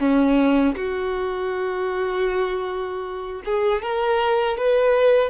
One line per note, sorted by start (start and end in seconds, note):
0.00 0.76 C#4
0.77 3.42 F#4
3.45 3.83 G#4
3.83 4.58 A#4
4.58 5.30 B4